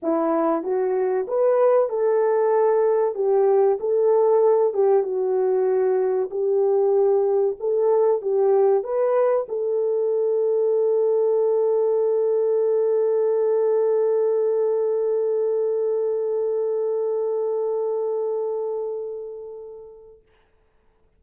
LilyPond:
\new Staff \with { instrumentName = "horn" } { \time 4/4 \tempo 4 = 95 e'4 fis'4 b'4 a'4~ | a'4 g'4 a'4. g'8 | fis'2 g'2 | a'4 g'4 b'4 a'4~ |
a'1~ | a'1~ | a'1~ | a'1 | }